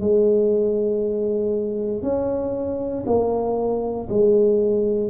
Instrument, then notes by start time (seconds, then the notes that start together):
tuba
0.00 G#3
2.02 C#4
3.06 A#3
4.09 G#3